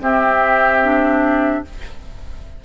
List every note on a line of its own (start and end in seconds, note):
0.00 1.62 C4
0.00 0.82 C4
0.00 1.64 G4
0.00 1.65 E5
0.83 1.65 D4